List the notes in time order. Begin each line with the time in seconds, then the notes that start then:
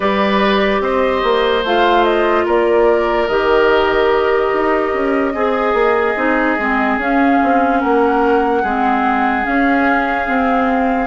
0.00 G3 G4 B4 D5
0.80 C4 C5 D#5
1.23 A#3
1.63 A3 F4 F5
2.04 D#5
2.45 A#3 A#4 D5
3.28 D#3 G4 D#5
4.52 D#4
4.93 C#4
5.34 C4 G#4
5.73 A#3
6.15 C4 D#4
6.58 G#3 C4
6.97 C#4 F5
7.42 C4
7.79 A#3 A#4 F#5
8.61 G#3 C4 G#4
9.43 C#4 F5
10.25 C4